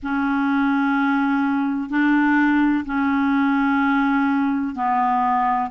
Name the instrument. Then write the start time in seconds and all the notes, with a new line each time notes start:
clarinet
0.03 C#4
1.89 D4
2.85 C#4
4.75 B3